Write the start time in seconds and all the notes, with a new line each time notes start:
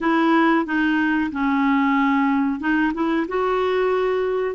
0.00 E4
0.65 D#4
1.32 C#4
2.59 D#4
2.94 E4
3.28 F#4